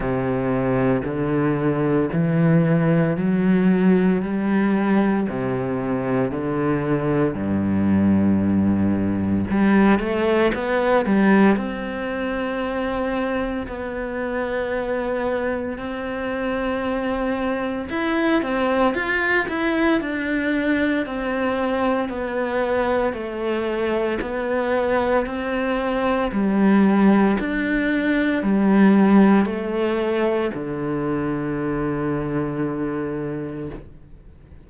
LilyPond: \new Staff \with { instrumentName = "cello" } { \time 4/4 \tempo 4 = 57 c4 d4 e4 fis4 | g4 c4 d4 g,4~ | g,4 g8 a8 b8 g8 c'4~ | c'4 b2 c'4~ |
c'4 e'8 c'8 f'8 e'8 d'4 | c'4 b4 a4 b4 | c'4 g4 d'4 g4 | a4 d2. | }